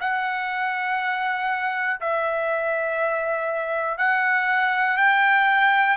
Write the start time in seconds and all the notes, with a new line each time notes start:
0.00 F#5
2.00 E5
3.98 F#5
4.97 G5